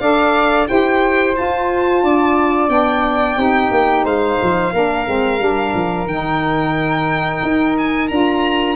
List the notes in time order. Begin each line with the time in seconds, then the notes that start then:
0.00 D4 A4 D5 F5
0.68 E4 G4 C5 G5
1.35 F4 A5
2.04 D4 D5
2.69 B3 D4 G5
3.37 C4 D#4 G4
3.71 A#3
4.05 G#3 C5 F5
4.43 F3
4.74 A#3 D4 A#4
5.06 G#3 C4
5.40 G3 D4
5.75 F3
6.06 D#3 D#4 G5
7.43 D#4
7.78 G#5
8.08 D4 F4 A#5